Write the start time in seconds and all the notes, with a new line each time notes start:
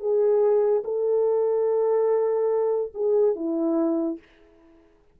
0.00 G#4
0.84 A4
2.94 G#4
3.36 E4